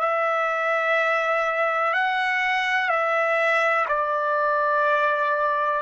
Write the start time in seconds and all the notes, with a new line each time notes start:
0.00 E5
1.94 F#5
2.89 E5
3.88 D5